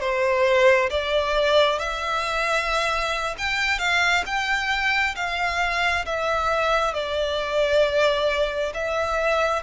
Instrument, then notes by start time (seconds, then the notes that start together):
violin
0.00 C5
0.90 D5
1.79 E5
3.38 G5
3.79 F5
4.26 G5
5.16 F5
6.05 E5
6.94 D5
8.74 E5